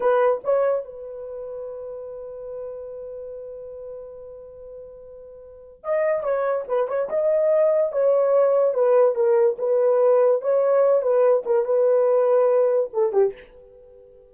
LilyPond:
\new Staff \with { instrumentName = "horn" } { \time 4/4 \tempo 4 = 144 b'4 cis''4 b'2~ | b'1~ | b'1~ | b'2 dis''4 cis''4 |
b'8 cis''8 dis''2 cis''4~ | cis''4 b'4 ais'4 b'4~ | b'4 cis''4. b'4 ais'8 | b'2. a'8 g'8 | }